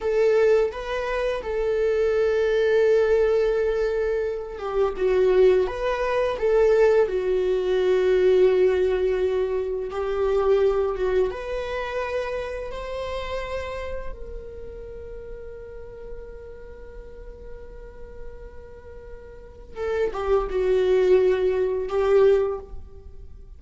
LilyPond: \new Staff \with { instrumentName = "viola" } { \time 4/4 \tempo 4 = 85 a'4 b'4 a'2~ | a'2~ a'8 g'8 fis'4 | b'4 a'4 fis'2~ | fis'2 g'4. fis'8 |
b'2 c''2 | ais'1~ | ais'1 | a'8 g'8 fis'2 g'4 | }